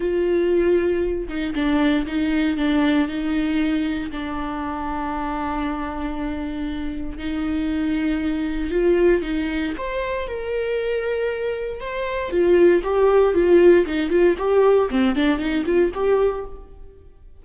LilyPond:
\new Staff \with { instrumentName = "viola" } { \time 4/4 \tempo 4 = 117 f'2~ f'8 dis'8 d'4 | dis'4 d'4 dis'2 | d'1~ | d'2 dis'2~ |
dis'4 f'4 dis'4 c''4 | ais'2. c''4 | f'4 g'4 f'4 dis'8 f'8 | g'4 c'8 d'8 dis'8 f'8 g'4 | }